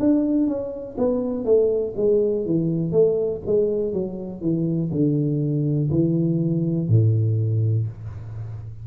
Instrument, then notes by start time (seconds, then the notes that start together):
tuba
0.00 D4
0.47 C#4
0.98 B3
1.45 A3
1.97 G#3
2.46 E3
2.92 A3
3.46 G#3
3.93 F#3
4.42 E3
4.91 D3
5.91 E3
6.89 A2